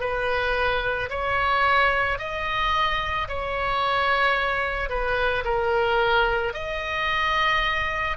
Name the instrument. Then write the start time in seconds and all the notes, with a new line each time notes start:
oboe
0.00 B4
1.10 C#5
2.18 D#5
3.28 C#5
4.89 B4
5.44 A#4
6.54 D#5